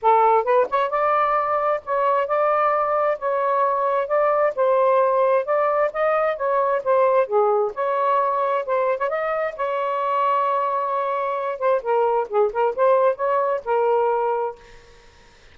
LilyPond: \new Staff \with { instrumentName = "saxophone" } { \time 4/4 \tempo 4 = 132 a'4 b'8 cis''8 d''2 | cis''4 d''2 cis''4~ | cis''4 d''4 c''2 | d''4 dis''4 cis''4 c''4 |
gis'4 cis''2 c''8. cis''16 | dis''4 cis''2.~ | cis''4. c''8 ais'4 gis'8 ais'8 | c''4 cis''4 ais'2 | }